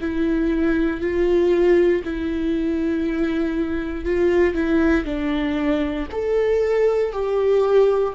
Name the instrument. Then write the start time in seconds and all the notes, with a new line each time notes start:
viola
0.00 E4
1.01 F4
2.04 E4
4.04 F4
4.54 E4
5.05 D4
6.12 A4
7.12 G4